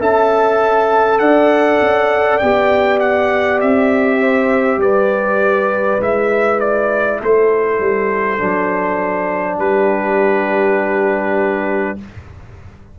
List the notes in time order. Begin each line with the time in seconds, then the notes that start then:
0.00 C#4 A4 E5 A5
1.19 D4 D5 F#5
1.81 C#4
2.39 B3 G4 G5
3.00 F#5
3.61 C4 E5
4.20 C5
4.77 G3 B4 D5
6.00 G#3 E4 E5
6.60 D5
7.21 A3 A4 C5
7.80 G3
8.38 F#3 D4
9.58 G3 G4 B4